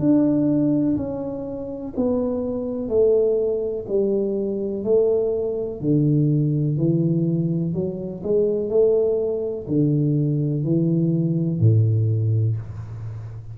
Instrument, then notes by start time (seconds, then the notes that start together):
tuba
0.00 D4
0.97 C#4
1.96 B3
2.89 A3
3.88 G3
4.84 A3
5.81 D3
6.78 E3
7.74 F#3
8.23 G#3
8.70 A3
9.68 D3
10.64 E3
11.60 A2